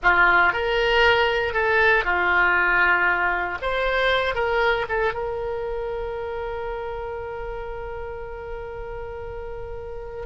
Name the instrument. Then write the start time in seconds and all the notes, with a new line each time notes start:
oboe
0.02 F4
0.53 A#4
1.53 A4
2.04 F4
3.61 C5
4.34 A#4
4.88 A4
5.13 A#4